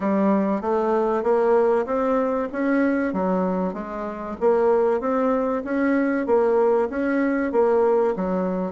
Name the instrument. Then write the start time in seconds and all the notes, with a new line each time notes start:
bassoon
0.00 G3
0.61 A3
1.23 A#3
1.86 C4
2.52 C#4
3.13 F#3
3.73 G#3
4.40 A#3
5.00 C4
5.64 C#4
6.26 A#3
6.89 C#4
7.52 A#3
8.16 F#3